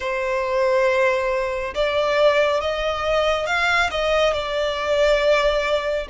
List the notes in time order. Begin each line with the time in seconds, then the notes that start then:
0.00 C5
1.74 D5
2.60 D#5
3.46 F5
3.91 D#5
4.33 D5